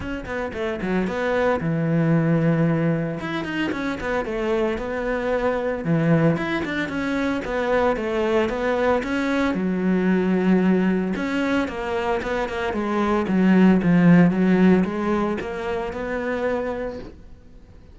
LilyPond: \new Staff \with { instrumentName = "cello" } { \time 4/4 \tempo 4 = 113 cis'8 b8 a8 fis8 b4 e4~ | e2 e'8 dis'8 cis'8 b8 | a4 b2 e4 | e'8 d'8 cis'4 b4 a4 |
b4 cis'4 fis2~ | fis4 cis'4 ais4 b8 ais8 | gis4 fis4 f4 fis4 | gis4 ais4 b2 | }